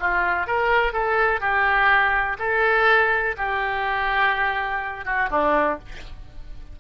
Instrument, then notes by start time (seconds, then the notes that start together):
oboe
0.00 F4
0.47 A#4
0.93 A4
1.41 G4
2.39 A4
3.37 G4
5.05 F#4
5.30 D4